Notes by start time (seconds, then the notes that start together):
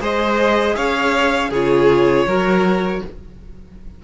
0.00 G#3 G#4 C5 D#5
0.75 C#4 C#5 F5
1.50 C#3 F4 G#4 C#5
2.26 F#3 F#4 A#4